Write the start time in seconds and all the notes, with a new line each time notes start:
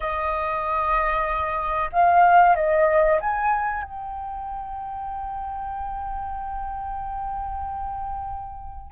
0.00 D#5
1.92 F5
2.55 D#5
3.20 G#5
3.83 G5